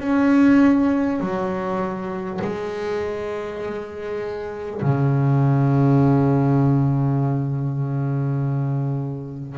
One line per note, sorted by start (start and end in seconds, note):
0.00 1.20 C#4
1.21 2.41 F#3
2.42 4.82 G#3
4.82 9.58 C#3